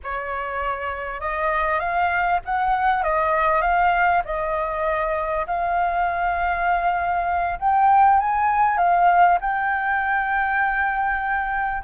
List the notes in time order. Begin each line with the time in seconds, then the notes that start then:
0.03 C#5
1.20 D#5
1.79 F5
2.45 F#5
3.03 D#5
3.61 F5
4.25 D#5
5.46 F5
7.59 G5
8.19 G#5
8.77 F5
9.40 G5